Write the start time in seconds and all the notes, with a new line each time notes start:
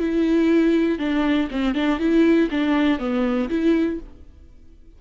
0.00 E4
0.99 D4
1.52 C4
1.75 D4
2.00 E4
2.51 D4
2.99 B3
3.50 E4